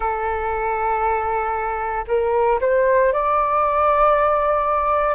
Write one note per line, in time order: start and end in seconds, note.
0.00 2.05 A4
2.07 2.59 A#4
2.61 3.12 C5
3.12 5.14 D5